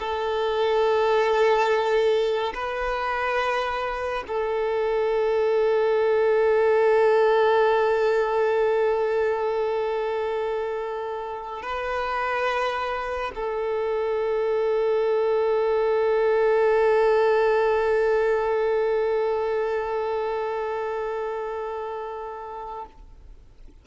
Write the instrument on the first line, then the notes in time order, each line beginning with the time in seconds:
violin
0.00 A4
2.55 B4
4.28 A4
11.63 B4
13.35 A4